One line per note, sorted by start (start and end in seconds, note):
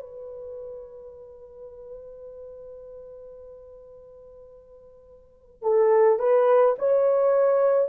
0.00 5.62 B4
5.62 6.19 A4
6.19 6.76 B4
6.79 7.88 C#5